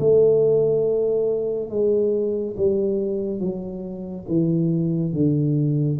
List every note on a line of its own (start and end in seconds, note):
0.00 1.70 A3
1.70 2.56 G#3
2.57 3.41 G3
3.41 4.26 F#3
4.28 5.13 E3
5.13 5.99 D3